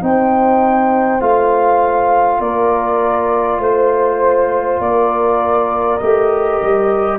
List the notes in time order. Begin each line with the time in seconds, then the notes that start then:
0.00 C4 D#4 C5 G5
1.20 A3 F4 F5
2.40 A#3 A#4 D5
3.59 A3 C5
4.80 A#3 A#4 D5
5.98 A3 G4 D#5
6.62 G3